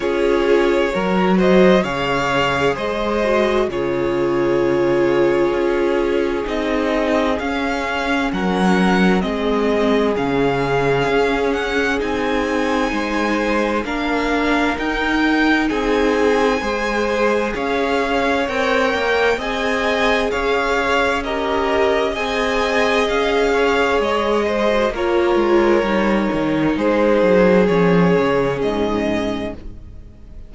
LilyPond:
<<
  \new Staff \with { instrumentName = "violin" } { \time 4/4 \tempo 4 = 65 cis''4. dis''8 f''4 dis''4 | cis''2. dis''4 | f''4 fis''4 dis''4 f''4~ | f''8 fis''8 gis''2 f''4 |
g''4 gis''2 f''4 | g''4 gis''4 f''4 dis''4 | gis''4 f''4 dis''4 cis''4~ | cis''4 c''4 cis''4 dis''4 | }
  \new Staff \with { instrumentName = "violin" } { \time 4/4 gis'4 ais'8 c''8 cis''4 c''4 | gis'1~ | gis'4 ais'4 gis'2~ | gis'2 c''4 ais'4~ |
ais'4 gis'4 c''4 cis''4~ | cis''4 dis''4 cis''4 ais'4 | dis''4. cis''4 c''8 ais'4~ | ais'4 gis'2. | }
  \new Staff \with { instrumentName = "viola" } { \time 4/4 f'4 fis'4 gis'4. fis'8 | f'2. dis'4 | cis'2 c'4 cis'4~ | cis'4 dis'2 d'4 |
dis'2 gis'2 | ais'4 gis'2 g'4 | gis'2~ gis'8. fis'16 f'4 | dis'2 cis'2 | }
  \new Staff \with { instrumentName = "cello" } { \time 4/4 cis'4 fis4 cis4 gis4 | cis2 cis'4 c'4 | cis'4 fis4 gis4 cis4 | cis'4 c'4 gis4 ais4 |
dis'4 c'4 gis4 cis'4 | c'8 ais8 c'4 cis'2 | c'4 cis'4 gis4 ais8 gis8 | g8 dis8 gis8 fis8 f8 cis8 gis,4 | }
>>